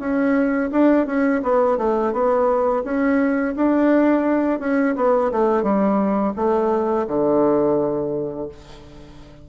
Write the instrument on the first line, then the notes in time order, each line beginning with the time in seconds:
bassoon
0.00 C#4
0.72 D4
1.07 C#4
1.43 B3
1.78 A3
2.13 B3
2.84 C#4
3.56 D4
4.60 C#4
4.96 B3
5.32 A3
5.63 G3
6.36 A3
7.08 D3